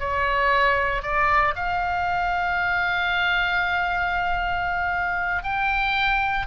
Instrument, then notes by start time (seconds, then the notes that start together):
oboe
0.00 C#5
1.03 D5
1.56 F5
5.44 G5